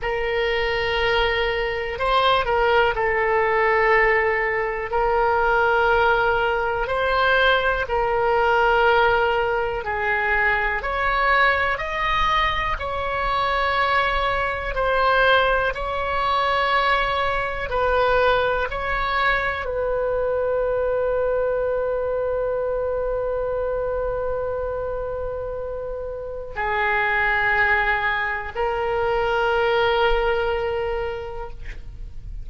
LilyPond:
\new Staff \with { instrumentName = "oboe" } { \time 4/4 \tempo 4 = 61 ais'2 c''8 ais'8 a'4~ | a'4 ais'2 c''4 | ais'2 gis'4 cis''4 | dis''4 cis''2 c''4 |
cis''2 b'4 cis''4 | b'1~ | b'2. gis'4~ | gis'4 ais'2. | }